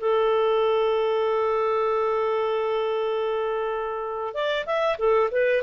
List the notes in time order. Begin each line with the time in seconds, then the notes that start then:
0.00 A4
4.34 D5
4.66 E5
4.98 A4
5.31 B4